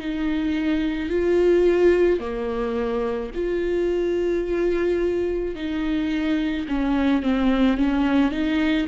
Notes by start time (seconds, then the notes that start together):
0.00 D#4
1.10 F4
2.20 A#3
3.35 F4
5.56 D#4
6.69 C#4
7.23 C4
7.77 C#4
8.31 D#4